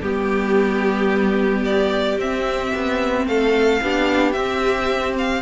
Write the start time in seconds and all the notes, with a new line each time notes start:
0.00 G3 B3 G4
1.64 D5
2.17 C4 E5
2.75 B3
3.26 A3 A4 F5
3.81 B3 D4 G4
4.32 C4 E5
5.18 F5